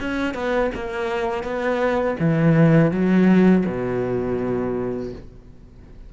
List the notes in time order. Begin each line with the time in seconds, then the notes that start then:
0.00 C#4
0.34 B3
0.75 A#3
1.44 B3
2.20 E3
2.92 F#3
3.67 B2